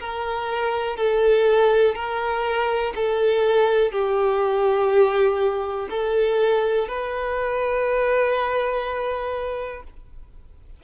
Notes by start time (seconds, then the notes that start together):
0.00 A#4
0.97 A4
1.95 A#4
2.96 A4
3.92 G4
5.90 A4
6.89 B4